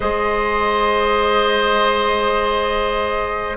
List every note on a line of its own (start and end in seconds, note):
0.00 3.56 G#3
0.00 3.56 G#4
0.00 3.56 C5
0.00 3.56 D#5